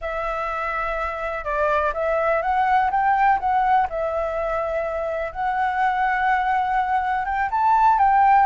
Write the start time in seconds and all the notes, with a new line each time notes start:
0.01 E5
1.44 D5
1.93 E5
2.41 F#5
2.90 G5
3.39 F#5
3.89 E5
5.32 F#5
7.25 G5
7.50 A5
7.98 G5